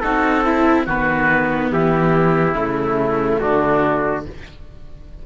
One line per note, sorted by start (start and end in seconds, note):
0.00 0.87 C4
0.00 0.44 D#4
0.00 0.44 F#4
0.00 0.85 A4
0.44 0.86 E4
0.86 1.72 D#3
0.86 2.54 B3
0.86 1.70 F#4
0.86 1.73 B4
1.72 2.54 E3
1.72 3.41 E4
1.72 2.56 G4
2.54 3.39 C#3
2.54 4.23 A3
2.54 3.40 E4
3.40 4.26 D3
3.40 4.25 D4
3.40 4.24 F#4